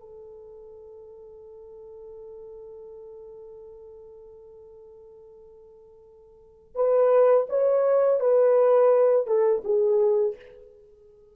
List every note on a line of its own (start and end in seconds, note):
0.00 6.75 A4
6.75 7.47 B4
7.49 8.20 C#5
8.20 9.27 B4
9.27 9.63 A4
9.65 10.36 G#4